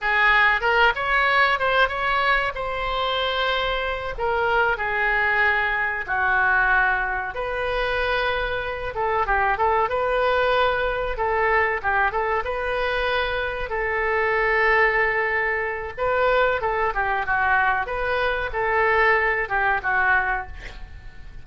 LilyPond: \new Staff \with { instrumentName = "oboe" } { \time 4/4 \tempo 4 = 94 gis'4 ais'8 cis''4 c''8 cis''4 | c''2~ c''8 ais'4 gis'8~ | gis'4. fis'2 b'8~ | b'2 a'8 g'8 a'8 b'8~ |
b'4. a'4 g'8 a'8 b'8~ | b'4. a'2~ a'8~ | a'4 b'4 a'8 g'8 fis'4 | b'4 a'4. g'8 fis'4 | }